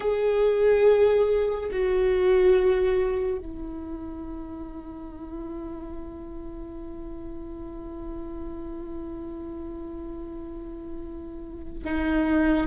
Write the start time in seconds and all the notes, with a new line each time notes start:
0.00 G#4
1.71 F#4
3.38 E4
11.83 D#4